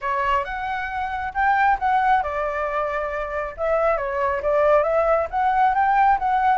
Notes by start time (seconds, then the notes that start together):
0.01 C#5
0.44 F#5
1.34 G5
1.79 F#5
2.22 D5
3.57 E5
3.97 C#5
4.42 D5
4.83 E5
5.30 F#5
5.74 G5
6.18 F#5